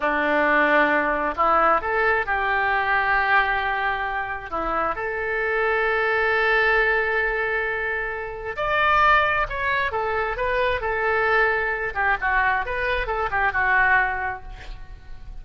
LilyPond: \new Staff \with { instrumentName = "oboe" } { \time 4/4 \tempo 4 = 133 d'2. e'4 | a'4 g'2.~ | g'2 e'4 a'4~ | a'1~ |
a'2. d''4~ | d''4 cis''4 a'4 b'4 | a'2~ a'8 g'8 fis'4 | b'4 a'8 g'8 fis'2 | }